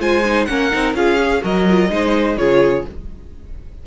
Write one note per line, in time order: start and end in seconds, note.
0.00 0.48 G#3
0.00 0.24 F4
0.00 0.48 C5
0.00 0.45 G#5
0.25 0.49 D#4
0.45 0.72 A#3
0.45 0.71 C#4
0.45 0.97 A#4
0.45 0.93 F#5
0.71 0.94 C4
0.71 0.95 D#4
0.94 1.42 C#4
0.94 1.18 F4
0.94 1.43 G#4
0.94 1.43 F5
1.19 1.42 G#4
1.42 1.90 F#3
1.42 1.66 F#4
1.42 1.91 A#4
1.42 2.37 D#5
1.70 1.90 F4
1.90 2.37 G#3
1.90 2.37 D#4
1.90 2.39 C5
2.37 2.85 C#3
2.37 2.86 F4
2.37 2.87 G#4
2.37 2.85 C#5